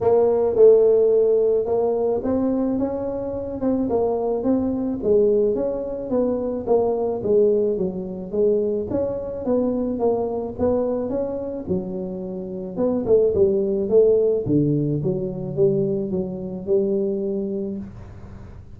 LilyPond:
\new Staff \with { instrumentName = "tuba" } { \time 4/4 \tempo 4 = 108 ais4 a2 ais4 | c'4 cis'4. c'8 ais4 | c'4 gis4 cis'4 b4 | ais4 gis4 fis4 gis4 |
cis'4 b4 ais4 b4 | cis'4 fis2 b8 a8 | g4 a4 d4 fis4 | g4 fis4 g2 | }